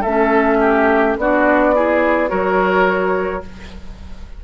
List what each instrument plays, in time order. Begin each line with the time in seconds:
0.00 bassoon A3, oboe A4, flute E5
0.07 clarinet C#4
0.60 oboe G4
1.17 bassoon B3, clarinet D4, oboe F#4, flute D5
1.75 clarinet E4, oboe G#4
2.27 bassoon F#3, clarinet F#4, oboe A#4, flute C#5